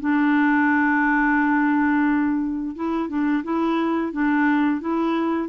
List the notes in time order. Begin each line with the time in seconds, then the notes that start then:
0.00 D4
2.76 E4
3.09 D4
3.44 E4
4.12 D4
4.81 E4